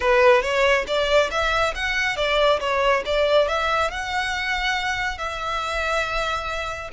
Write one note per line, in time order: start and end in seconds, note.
0.00 0.42 B4
0.42 0.85 C#5
0.87 1.30 D5
1.30 1.73 E5
1.74 2.16 F#5
2.16 2.59 D5
2.60 3.03 C#5
3.05 3.47 D5
3.47 3.90 E5
3.90 5.18 F#5
5.18 6.90 E5